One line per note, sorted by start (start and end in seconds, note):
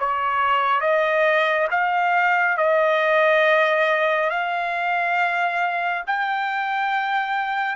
0.00 0.81 C#5
0.81 1.68 D#5
1.71 2.57 F5
2.57 4.30 D#5
4.30 6.04 F5
6.08 7.76 G5